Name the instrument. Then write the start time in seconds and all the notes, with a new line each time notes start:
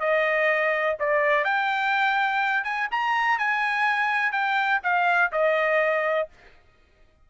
trumpet
0.00 D#5
0.99 D5
1.45 G5
2.64 G#5
2.91 A#5
3.38 G#5
4.32 G5
4.83 F5
5.32 D#5